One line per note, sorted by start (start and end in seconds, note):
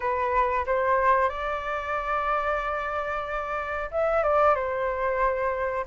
0.00 0.65 B4
0.66 1.29 C5
1.29 3.90 D5
3.91 4.23 E5
4.23 4.55 D5
4.55 5.85 C5